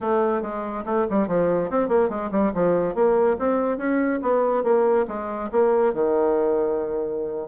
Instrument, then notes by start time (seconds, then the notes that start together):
bassoon
0.01 A3
0.41 G#3
0.85 A3
1.09 G3
1.27 F3
1.70 C4
1.88 A#3
2.09 G#3
2.31 G3
2.54 F3
2.94 A#3
3.39 C4
3.77 C#4
4.22 B3
4.63 A#3
5.07 G#3
5.51 A#3
5.93 D#3